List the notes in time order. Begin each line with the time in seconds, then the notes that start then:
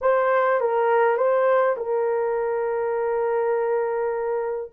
0.01 C5
0.60 A#4
1.17 C5
1.76 A#4